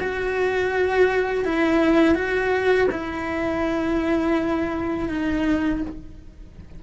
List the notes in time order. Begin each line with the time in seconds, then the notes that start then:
0.00 F#4
1.45 E4
2.15 F#4
2.91 E4
5.09 D#4